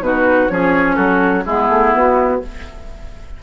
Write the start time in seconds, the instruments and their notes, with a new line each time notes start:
0.00 bassoon B2, clarinet D#4, oboe F#4, flute B4
0.49 bassoon F3, clarinet C#4, oboe G#4, flute C#5
0.96 bassoon F#3, oboe F#4, flute A4
1.46 bassoon G#3, clarinet B3, oboe E4, flute G#4
1.69 bassoon A3
1.93 bassoon B3, flute F#4